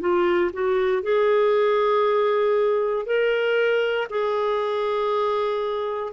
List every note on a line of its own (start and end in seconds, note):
0.00 0.51 F4
0.53 1.03 F#4
1.03 3.06 G#4
3.06 4.07 A#4
4.10 6.13 G#4